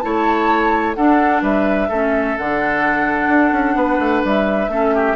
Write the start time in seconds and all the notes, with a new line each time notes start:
0.00 A3 E4 C#5 A5
0.94 D4 A4 F#5
1.42 G3 B4 E5
1.88 A3 C#4 A4
2.37 D3 D4 F#5
3.28 D4
3.52 C#4
3.75 B3 B4
3.99 A3
4.24 G3 E5
4.68 A3 C#4 A4
4.94 G4